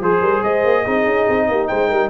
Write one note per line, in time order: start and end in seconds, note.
0.00 0.20 F3
0.00 0.21 G#4
0.00 0.86 G#4
0.00 0.43 C5
0.20 0.41 G3
0.20 0.42 A#4
0.42 0.64 G#3
0.42 0.83 C5
0.42 1.67 D#5
0.64 0.85 A#3
0.83 1.05 C4
0.83 2.10 D#4
0.83 1.46 G#4
1.05 1.26 C#4
1.28 1.48 C4
1.48 1.69 A#3
1.48 1.68 G4
1.67 1.90 G#3
1.67 1.89 C5
1.67 2.09 G5
1.89 2.10 G3
1.89 2.10 A#4